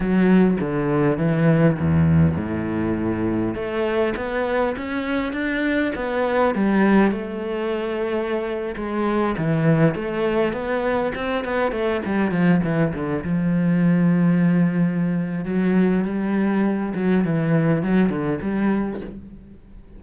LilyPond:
\new Staff \with { instrumentName = "cello" } { \time 4/4 \tempo 4 = 101 fis4 d4 e4 e,4 | a,2 a4 b4 | cis'4 d'4 b4 g4 | a2~ a8. gis4 e16~ |
e8. a4 b4 c'8 b8 a16~ | a16 g8 f8 e8 d8 f4.~ f16~ | f2 fis4 g4~ | g8 fis8 e4 fis8 d8 g4 | }